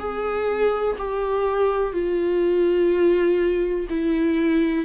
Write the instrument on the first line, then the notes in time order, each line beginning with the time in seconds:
viola
0.00 G#4
0.99 G4
1.94 F4
3.90 E4